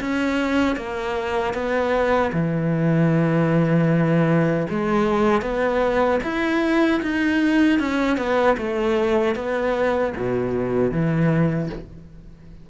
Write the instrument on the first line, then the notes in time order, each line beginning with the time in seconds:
cello
0.00 C#4
0.76 A#3
1.53 B3
2.32 E3
4.69 G#3
5.42 B3
6.23 E4
7.02 D#4
7.79 C#4
8.17 B3
8.57 A3
9.35 B3
10.16 B2
10.91 E3